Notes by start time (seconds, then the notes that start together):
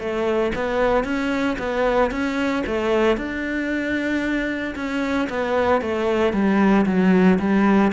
0.00 A3
0.55 B3
1.04 C#4
1.59 B3
2.11 C#4
2.67 A3
3.17 D4
4.76 C#4
5.30 B3
5.81 A3
6.33 G3
6.86 F#3
7.39 G3